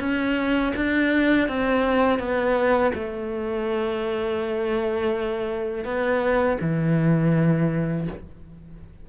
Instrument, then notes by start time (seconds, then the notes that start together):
cello
0.00 C#4
0.76 D4
1.48 C4
2.20 B3
2.95 A3
5.85 B3
6.62 E3